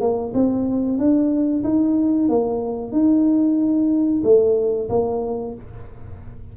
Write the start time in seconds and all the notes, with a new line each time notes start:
0.00 A#3
0.34 C4
0.98 D4
1.63 D#4
2.29 A#3
2.91 D#4
4.23 A3
4.89 A#3